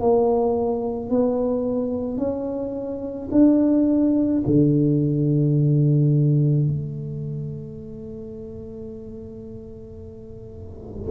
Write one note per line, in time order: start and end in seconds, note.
0.00 1.10 A#3
1.10 2.18 B3
2.18 3.29 C#4
3.31 4.42 D4
4.46 6.67 D3
6.67 11.11 A3